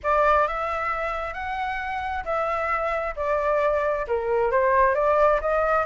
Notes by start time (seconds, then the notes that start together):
0.03 D5
0.47 E5
1.33 F#5
2.24 E5
3.16 D5
4.07 A#4
4.51 C5
4.94 D5
5.41 D#5